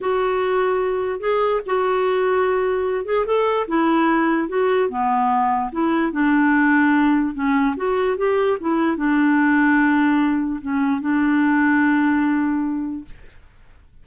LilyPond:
\new Staff \with { instrumentName = "clarinet" } { \time 4/4 \tempo 4 = 147 fis'2. gis'4 | fis'2.~ fis'8 gis'8 | a'4 e'2 fis'4 | b2 e'4 d'4~ |
d'2 cis'4 fis'4 | g'4 e'4 d'2~ | d'2 cis'4 d'4~ | d'1 | }